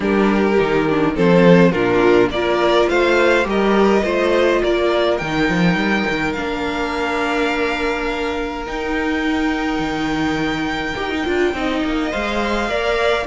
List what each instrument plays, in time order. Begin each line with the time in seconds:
0.00 cello G3, viola D4, violin G4 A#4
0.59 cello D#3, viola D#4
0.89 viola D4
1.14 cello F3, viola C4, violin A4 C5
1.71 cello A#2, viola D4, violin F4 A#4
2.29 cello A#3, viola F4, violin A#4 D5
2.88 cello A3, violin C5 F5
3.43 cello G3, viola G4
3.49 violin A#4 D#5
4.04 cello A3, viola F4, violin C5
4.62 cello A#3, violin A#4 D5
5.18 cello D#3, viola D#4, violin G5
5.49 cello F3
5.75 cello G3
6.09 cello D#3
6.33 cello A#3, viola D4, violin F5
8.66 viola D#4, cello D#4, violin G5
9.78 cello D#3
10.96 cello D#4, viola G4
11.10 viola D#4
11.25 cello D4, viola F4
11.53 cello C4, viola D#4, violin D#5
11.84 cello A#3
12.10 cello G#3, viola C5, violin F5
12.68 cello A#3, viola A#4, violin D5